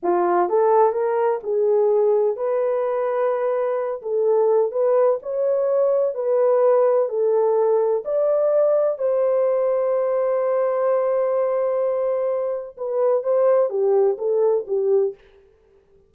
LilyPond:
\new Staff \with { instrumentName = "horn" } { \time 4/4 \tempo 4 = 127 f'4 a'4 ais'4 gis'4~ | gis'4 b'2.~ | b'8 a'4. b'4 cis''4~ | cis''4 b'2 a'4~ |
a'4 d''2 c''4~ | c''1~ | c''2. b'4 | c''4 g'4 a'4 g'4 | }